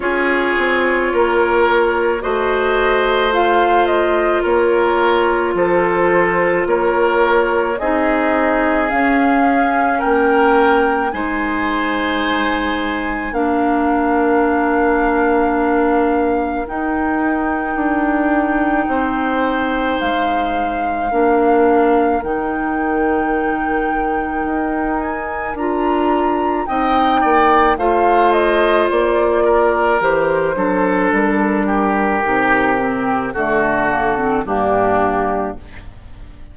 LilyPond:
<<
  \new Staff \with { instrumentName = "flute" } { \time 4/4 \tempo 4 = 54 cis''2 dis''4 f''8 dis''8 | cis''4 c''4 cis''4 dis''4 | f''4 g''4 gis''2 | f''2. g''4~ |
g''2 f''2 | g''2~ g''8 gis''8 ais''4 | g''4 f''8 dis''8 d''4 c''4 | ais'2 a'4 g'4 | }
  \new Staff \with { instrumentName = "oboe" } { \time 4/4 gis'4 ais'4 c''2 | ais'4 a'4 ais'4 gis'4~ | gis'4 ais'4 c''2 | ais'1~ |
ais'4 c''2 ais'4~ | ais'1 | dis''8 d''8 c''4. ais'4 a'8~ | a'8 g'4. fis'4 d'4 | }
  \new Staff \with { instrumentName = "clarinet" } { \time 4/4 f'2 fis'4 f'4~ | f'2. dis'4 | cis'2 dis'2 | d'2. dis'4~ |
dis'2. d'4 | dis'2. f'4 | dis'4 f'2 g'8 d'8~ | d'4 dis'8 c'8 a8 ais16 c'16 ais4 | }
  \new Staff \with { instrumentName = "bassoon" } { \time 4/4 cis'8 c'8 ais4 a2 | ais4 f4 ais4 c'4 | cis'4 ais4 gis2 | ais2. dis'4 |
d'4 c'4 gis4 ais4 | dis2 dis'4 d'4 | c'8 ais8 a4 ais4 e8 fis8 | g4 c4 d4 g,4 | }
>>